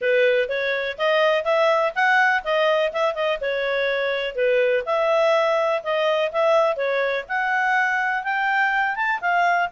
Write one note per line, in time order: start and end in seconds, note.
0.01 0.48 B4
0.48 0.97 C#5
0.98 1.44 D#5
1.44 1.92 E5
1.95 2.43 F#5
2.44 2.92 D#5
2.92 3.14 E5
3.14 3.38 D#5
3.40 4.35 C#5
4.35 4.83 B4
4.85 5.82 E5
5.83 6.31 D#5
6.31 6.76 E5
6.76 7.24 C#5
7.28 8.23 F#5
8.23 8.95 G5
8.95 9.20 A5
9.21 9.69 F5